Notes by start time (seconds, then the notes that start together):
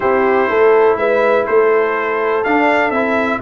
0.00 C4 E4 G4 C5
0.49 A3 A4
0.96 G#3 B4 E5
1.45 A3 A4 C5
2.44 D4 F5
2.89 C4 E4 E5